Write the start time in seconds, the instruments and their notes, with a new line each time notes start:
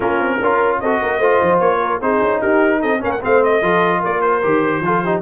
0.00 tuba A#3, trombone C#4, horn F4, trumpet A#4
0.19 tuba C4
0.40 tuba C#4, trombone F4, horn A#4
0.80 tuba C4, trombone F#4, horn A4, trumpet D#5
1.01 tuba A#3, horn A#4
1.18 tuba A3, trombone F4, horn C5
1.41 tuba F3
1.59 tuba A#3, trumpet C#5
1.82 horn A#4
2.01 tuba C4, trombone D#4, horn G#4, trumpet C5
2.21 tuba C#4
2.40 tuba D#4, horn G4, trumpet A#4
2.80 tuba C4, horn A4, trumpet D#5
2.99 tuba A#3, trombone C#4, horn A#4, trumpet F5
3.11 trumpet F#5
3.21 tuba A3, trombone C4, horn C5, trumpet F5
3.43 trumpet D#5
3.61 tuba F3, trombone F4, horn A4
3.99 tuba A#3, horn A#4, trumpet D5
4.21 trumpet C5
4.42 tuba D#3, trombone G4
4.80 tuba F3, trombone F4, horn A4
5.03 trombone D#4, horn G4